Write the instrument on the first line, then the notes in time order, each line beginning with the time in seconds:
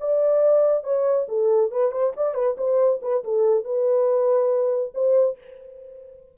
horn
0.00 D5
0.84 C#5
1.28 A4
1.71 B4
1.91 C5
2.17 D5
2.35 B4
2.58 C5
3.02 B4
3.24 A4
3.64 B4
4.95 C5